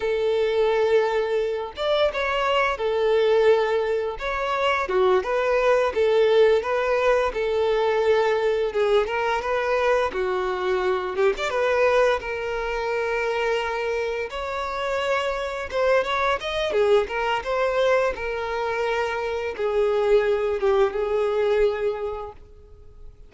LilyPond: \new Staff \with { instrumentName = "violin" } { \time 4/4 \tempo 4 = 86 a'2~ a'8 d''8 cis''4 | a'2 cis''4 fis'8 b'8~ | b'8 a'4 b'4 a'4.~ | a'8 gis'8 ais'8 b'4 fis'4. |
g'16 d''16 b'4 ais'2~ ais'8~ | ais'8 cis''2 c''8 cis''8 dis''8 | gis'8 ais'8 c''4 ais'2 | gis'4. g'8 gis'2 | }